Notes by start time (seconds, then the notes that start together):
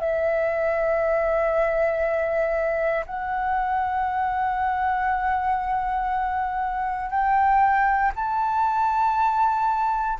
0.00 E5
3.06 F#5
7.10 G5
8.15 A5